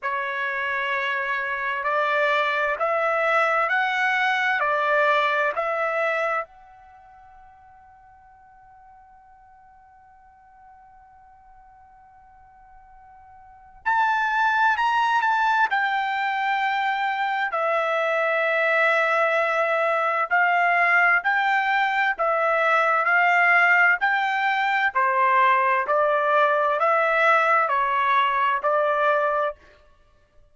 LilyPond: \new Staff \with { instrumentName = "trumpet" } { \time 4/4 \tempo 4 = 65 cis''2 d''4 e''4 | fis''4 d''4 e''4 fis''4~ | fis''1~ | fis''2. a''4 |
ais''8 a''8 g''2 e''4~ | e''2 f''4 g''4 | e''4 f''4 g''4 c''4 | d''4 e''4 cis''4 d''4 | }